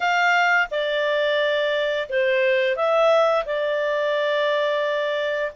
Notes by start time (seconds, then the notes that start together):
0.00 F5
0.70 D5
2.09 C5
2.76 E5
3.45 D5